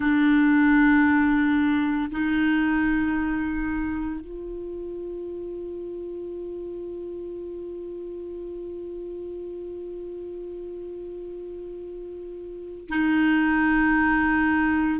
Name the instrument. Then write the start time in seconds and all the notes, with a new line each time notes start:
clarinet
0.00 D4
2.11 D#4
4.21 F4
12.89 D#4